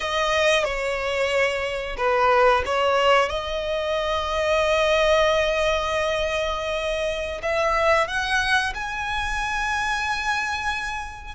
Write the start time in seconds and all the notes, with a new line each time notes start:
0.00 D#5
0.64 C#5
1.97 B4
2.65 C#5
3.29 D#5
7.42 E5
8.07 F#5
8.74 G#5